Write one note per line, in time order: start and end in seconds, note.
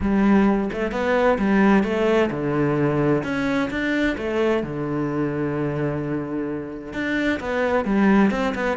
0.00 0.70 G3
0.73 0.91 A3
0.91 1.37 B3
1.38 1.83 G3
1.83 2.30 A3
2.31 3.23 D3
3.23 3.69 C#4
3.70 4.16 D4
4.17 4.63 A3
4.63 6.93 D3
6.93 7.39 D4
7.40 7.84 B3
7.84 8.30 G3
8.31 8.54 C4
8.54 8.77 B3